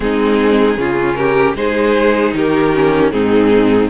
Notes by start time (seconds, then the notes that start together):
0.00 G#3 C4 D#4 G#4
0.77 C#3 C#4 F4
1.14 G4 A#4
1.55 G#3 D#4 G#4 C5
2.33 D#3 G4 A#4
2.74 C#4
3.11 G#2 C4 D#4 G#4